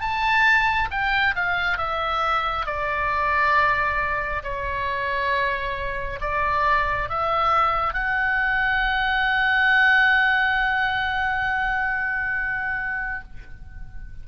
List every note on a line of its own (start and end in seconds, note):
0.00 0.88 A5
0.90 1.34 G5
1.35 1.77 F5
1.77 2.66 E5
2.66 4.42 D5
4.43 6.19 C#5
6.20 7.09 D5
7.09 7.93 E5
7.93 13.23 F#5